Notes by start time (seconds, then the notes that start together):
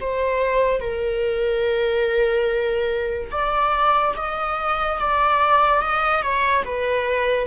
0.00 C5
0.80 A#4
3.31 D5
4.16 D#5
4.99 D5
5.81 D#5
6.22 C#5
6.64 B4